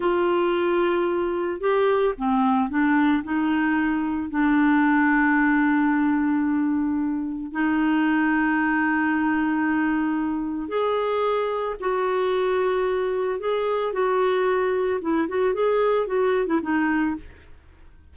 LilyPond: \new Staff \with { instrumentName = "clarinet" } { \time 4/4 \tempo 4 = 112 f'2. g'4 | c'4 d'4 dis'2 | d'1~ | d'2 dis'2~ |
dis'1 | gis'2 fis'2~ | fis'4 gis'4 fis'2 | e'8 fis'8 gis'4 fis'8. e'16 dis'4 | }